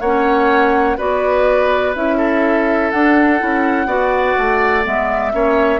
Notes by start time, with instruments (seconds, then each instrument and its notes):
0.00 bassoon A#3, clarinet C#4, oboe C#5, flute F#5
0.97 bassoon B3, clarinet F#4, oboe B4, flute D5
1.95 bassoon C#4, clarinet E4, flute E5
2.17 oboe A4
2.90 bassoon D4, clarinet D4, flute F#5
3.38 bassoon C#4, clarinet E4
3.85 bassoon B3, clarinet F#4, oboe D5
4.37 bassoon A3
4.82 bassoon G#3, clarinet B3, flute E5
5.31 bassoon A#3, clarinet C#4, oboe C#5